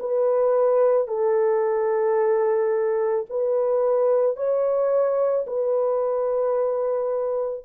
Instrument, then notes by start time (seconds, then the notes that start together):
horn
0.00 B4
1.08 A4
3.30 B4
4.36 C#5
5.47 B4